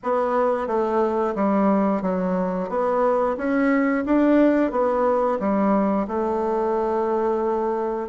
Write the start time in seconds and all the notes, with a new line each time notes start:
0.03 B3
0.67 A3
1.35 G3
2.02 F#3
2.69 B3
3.37 C#4
4.05 D4
4.71 B3
5.39 G3
6.07 A3